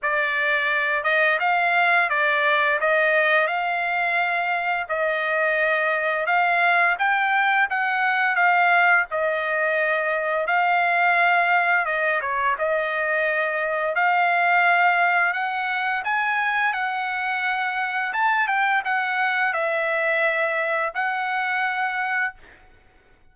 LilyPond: \new Staff \with { instrumentName = "trumpet" } { \time 4/4 \tempo 4 = 86 d''4. dis''8 f''4 d''4 | dis''4 f''2 dis''4~ | dis''4 f''4 g''4 fis''4 | f''4 dis''2 f''4~ |
f''4 dis''8 cis''8 dis''2 | f''2 fis''4 gis''4 | fis''2 a''8 g''8 fis''4 | e''2 fis''2 | }